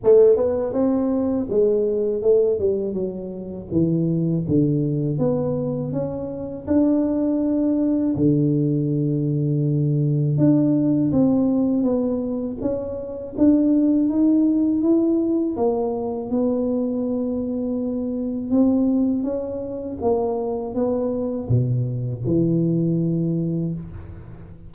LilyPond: \new Staff \with { instrumentName = "tuba" } { \time 4/4 \tempo 4 = 81 a8 b8 c'4 gis4 a8 g8 | fis4 e4 d4 b4 | cis'4 d'2 d4~ | d2 d'4 c'4 |
b4 cis'4 d'4 dis'4 | e'4 ais4 b2~ | b4 c'4 cis'4 ais4 | b4 b,4 e2 | }